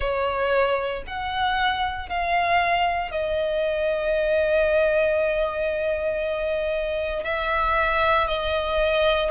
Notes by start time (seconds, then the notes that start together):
0.00 C#5
1.06 F#5
2.09 F5
3.11 D#5
7.24 E5
8.27 D#5